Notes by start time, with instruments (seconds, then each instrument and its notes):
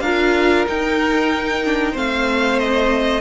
0.00 cello D4, viola F4, violin A#4 F5
0.66 viola D#4, cello D#4, violin G5
1.65 viola D4
1.92 cello A3, viola C4, violin C5 F5
2.59 violin D#5